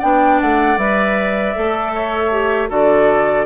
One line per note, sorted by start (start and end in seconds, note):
0.00 0.42 B3
0.00 0.79 D4
0.00 1.92 D5
0.00 0.40 G5
0.41 0.77 A3
0.41 0.78 F#5
0.77 1.54 G3
0.77 1.56 B4
0.77 2.71 E5
1.56 2.70 A3
1.56 2.32 A4
1.95 2.70 C#5
2.32 2.69 G4
2.69 3.46 D3
2.69 3.46 F#4
2.69 3.46 A4
2.69 3.46 D5